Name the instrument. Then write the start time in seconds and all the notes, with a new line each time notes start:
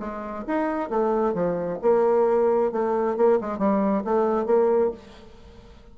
bassoon
0.00 G#3
0.48 D#4
0.90 A3
1.34 F3
1.82 A#3
2.72 A3
3.17 A#3
3.41 G#3
3.59 G3
4.05 A3
4.46 A#3